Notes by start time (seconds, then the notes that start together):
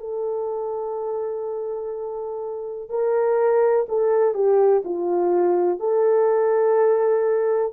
0.00 A4
2.90 A#4
3.89 A4
4.35 G4
4.85 F4
5.80 A4